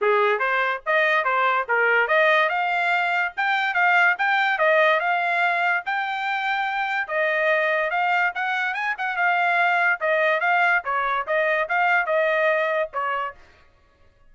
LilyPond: \new Staff \with { instrumentName = "trumpet" } { \time 4/4 \tempo 4 = 144 gis'4 c''4 dis''4 c''4 | ais'4 dis''4 f''2 | g''4 f''4 g''4 dis''4 | f''2 g''2~ |
g''4 dis''2 f''4 | fis''4 gis''8 fis''8 f''2 | dis''4 f''4 cis''4 dis''4 | f''4 dis''2 cis''4 | }